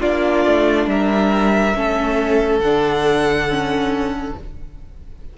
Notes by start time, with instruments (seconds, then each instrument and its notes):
0.00 cello A#3, viola D4, violin F4 D5
0.45 cello A3
0.87 cello G3, violin A#4 E5
1.74 cello A3, viola C#4, violin A4
2.59 cello D3, viola D4, violin F#5
3.49 viola C#4